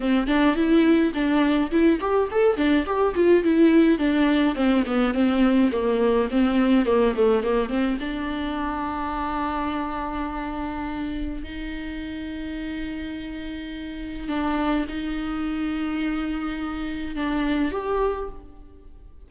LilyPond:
\new Staff \with { instrumentName = "viola" } { \time 4/4 \tempo 4 = 105 c'8 d'8 e'4 d'4 e'8 g'8 | a'8 d'8 g'8 f'8 e'4 d'4 | c'8 b8 c'4 ais4 c'4 | ais8 a8 ais8 c'8 d'2~ |
d'1 | dis'1~ | dis'4 d'4 dis'2~ | dis'2 d'4 g'4 | }